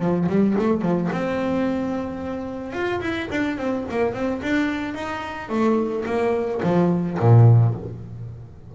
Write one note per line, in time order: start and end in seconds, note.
0.00 0.28 F3
0.29 0.57 G3
0.59 0.82 A3
0.82 1.10 F3
1.12 2.73 C4
2.73 3.01 F4
3.01 3.29 E4
3.31 3.58 D4
3.58 3.86 C4
3.90 4.14 A#3
4.14 4.41 C4
4.43 4.95 D4
4.95 5.49 D#4
5.49 6.05 A3
6.06 6.61 A#3
6.64 7.19 F3
7.20 7.75 A#2